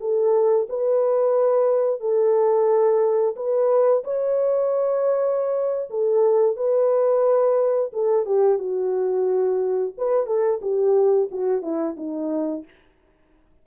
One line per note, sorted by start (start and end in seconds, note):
0.00 0.67 A4
0.69 2.00 B4
2.00 3.35 A4
3.36 4.03 B4
4.04 5.90 C#5
5.90 6.56 A4
6.56 7.91 B4
7.93 8.26 A4
8.26 8.59 G4
8.59 9.93 F#4
9.97 10.26 B4
10.26 10.60 A4
10.62 11.29 G4
11.31 11.62 F#4
11.62 11.96 E4
11.97 12.64 D#4